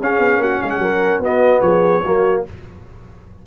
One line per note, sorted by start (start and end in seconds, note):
0.00 0.18 C#4
0.00 1.23 C#4
0.00 0.41 G#4
0.00 0.42 F5
0.18 0.37 B3
0.37 0.58 A#3
0.37 0.61 F#4
0.37 0.61 F#5
0.61 0.78 G#3
0.61 0.82 G#4
0.61 0.70 F5
0.70 1.20 F#5
0.78 1.18 F#3
0.78 1.22 A#4
1.19 1.59 B3
1.19 2.04 B3
1.19 1.63 F#4
1.19 1.61 D#5
1.61 2.02 F3
1.61 2.03 G#4
1.61 2.42 C#5
2.03 2.43 F#3
2.03 2.46 A#3
2.03 2.43 F#4